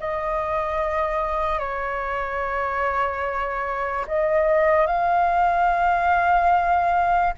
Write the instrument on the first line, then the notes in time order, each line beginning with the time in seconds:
flute
0.00 D#5
1.60 C#5
4.08 D#5
4.87 F5